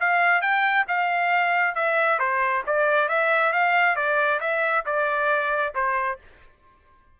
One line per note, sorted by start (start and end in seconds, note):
0.00 0.41 F5
0.41 0.85 G5
0.87 1.75 F5
1.75 2.19 E5
2.19 2.63 C5
2.66 3.08 D5
3.08 3.52 E5
3.52 3.95 F5
3.95 4.40 D5
4.40 4.84 E5
4.86 5.74 D5
5.74 6.18 C5